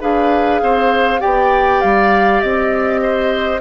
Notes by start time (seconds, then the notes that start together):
0.00 D4 G#4 B4 F5
0.61 C4 C5
1.19 B3 G4 D5 G5
1.80 G3 F5
2.40 C4 D#5
3.02 C5